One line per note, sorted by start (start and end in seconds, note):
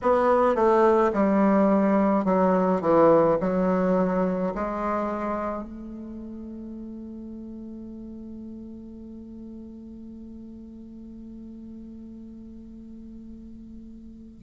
0.02 0.55 B3
0.55 1.11 A3
1.13 2.24 G3
2.24 2.80 F#3
2.80 3.37 E3
3.40 4.53 F#3
4.54 5.63 G#3
5.63 14.40 A3